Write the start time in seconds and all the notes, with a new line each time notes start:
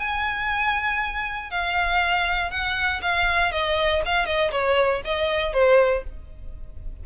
0.00 G#5
1.51 F5
2.51 F#5
3.02 F5
3.52 D#5
4.06 F5
4.26 D#5
4.52 C#5
5.05 D#5
5.53 C5